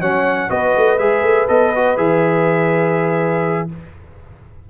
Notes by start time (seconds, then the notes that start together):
0.00 F#3 C#4 C#5 F#5
0.49 B3 F#4 B4 D#5
0.76 A3
0.98 G#3 G#4 E5
1.22 A3
1.48 B3 A4 D#5
1.75 F#4
1.96 E3 G#4 E5